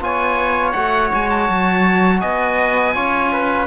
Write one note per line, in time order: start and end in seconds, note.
0.00 0.73 B3
0.00 0.75 F4
0.00 2.21 C#5
0.00 0.72 G#5
0.72 1.12 A3
0.72 2.94 F#4
0.72 1.08 F#5
1.14 1.49 G#3
1.14 1.29 G#5
1.29 2.20 A5
1.49 2.22 F#3
2.20 2.96 B3
2.20 2.94 D#5
2.20 3.67 G#5
2.94 3.67 C#4
2.94 3.67 F4
2.94 3.31 C#5
3.32 3.67 B4